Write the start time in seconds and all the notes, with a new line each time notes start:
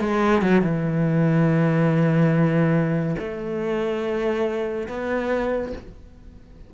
0.00 G#3
0.41 F#3
0.61 E3
3.18 A3
4.88 B3